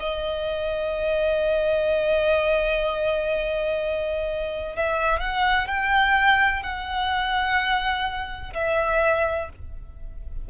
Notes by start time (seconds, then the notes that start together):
0.00 D#5
4.76 E5
5.20 F#5
5.68 G5
6.63 F#5
8.54 E5